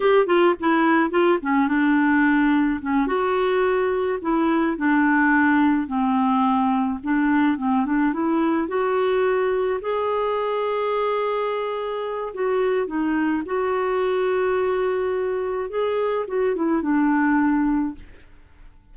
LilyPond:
\new Staff \with { instrumentName = "clarinet" } { \time 4/4 \tempo 4 = 107 g'8 f'8 e'4 f'8 cis'8 d'4~ | d'4 cis'8 fis'2 e'8~ | e'8 d'2 c'4.~ | c'8 d'4 c'8 d'8 e'4 fis'8~ |
fis'4. gis'2~ gis'8~ | gis'2 fis'4 dis'4 | fis'1 | gis'4 fis'8 e'8 d'2 | }